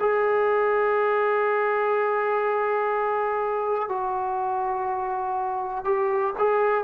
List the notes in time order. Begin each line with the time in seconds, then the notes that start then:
0.00 G#4
3.89 F#4
5.85 G4
6.39 G#4